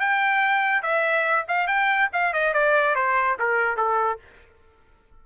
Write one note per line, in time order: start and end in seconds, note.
0.00 0.82 G5
0.82 1.45 E5
1.48 1.67 F5
1.67 2.09 G5
2.13 2.33 F5
2.33 2.53 D#5
2.53 2.95 D5
2.95 3.37 C5
3.39 3.77 A#4
3.77 4.19 A4